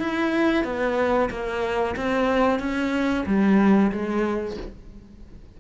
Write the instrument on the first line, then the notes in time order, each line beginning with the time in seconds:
cello
0.00 E4
0.64 B3
1.30 A#3
1.96 C4
2.60 C#4
3.26 G3
3.92 G#3